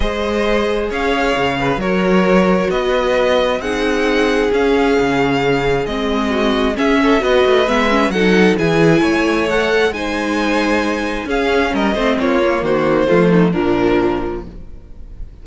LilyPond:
<<
  \new Staff \with { instrumentName = "violin" } { \time 4/4 \tempo 4 = 133 dis''2 f''2 | cis''2 dis''2 | fis''2 f''2~ | f''4 dis''2 e''4 |
dis''4 e''4 fis''4 gis''4~ | gis''4 fis''4 gis''2~ | gis''4 f''4 dis''4 cis''4 | c''2 ais'2 | }
  \new Staff \with { instrumentName = "violin" } { \time 4/4 c''2 cis''4. b'8 | ais'2 b'2 | gis'1~ | gis'2 fis'4 gis'8 a'8 |
b'2 a'4 gis'4 | cis''2 c''2~ | c''4 gis'4 ais'8 c''8 f'4 | fis'4 f'8 dis'8 d'2 | }
  \new Staff \with { instrumentName = "viola" } { \time 4/4 gis'1 | fis'1 | dis'2 cis'2~ | cis'4 c'2 cis'4 |
fis'4 b8 cis'8 dis'4 e'4~ | e'4 a'4 dis'2~ | dis'4 cis'4. c'4 ais8~ | ais4 a4 f2 | }
  \new Staff \with { instrumentName = "cello" } { \time 4/4 gis2 cis'4 cis4 | fis2 b2 | c'2 cis'4 cis4~ | cis4 gis2 cis'4 |
b8 a8 gis4 fis4 e4 | a2 gis2~ | gis4 cis'4 g8 a8 ais4 | dis4 f4 ais,2 | }
>>